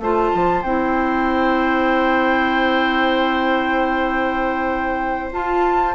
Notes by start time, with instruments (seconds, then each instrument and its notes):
0.00 bassoon A3, clarinet F4, oboe C5, flute A5
0.35 bassoon F3
0.63 bassoon C4, clarinet E4, flute G5
5.33 clarinet F4, bassoon F4, flute A5